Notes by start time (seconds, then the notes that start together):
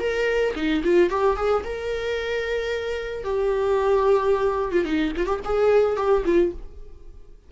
0.00 A#4
0.56 D#4
0.84 F4
1.10 G4
1.37 G#4
1.64 A#4
3.24 G4
4.72 F4
4.85 D#4
5.17 F4
5.27 G4
5.45 G#4
5.97 G4
6.25 F4